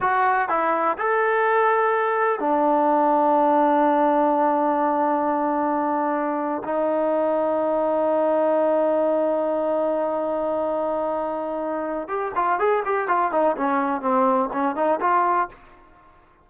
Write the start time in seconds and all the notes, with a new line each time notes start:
0.00 F#4
0.48 E4
0.98 A4
2.39 D4
6.64 D#4
12.07 G4
12.35 F4
12.59 G#4
12.85 G4
13.08 F4
13.31 D#4
13.56 C#4
14.01 C4
14.52 C#4
14.75 D#4
15.00 F4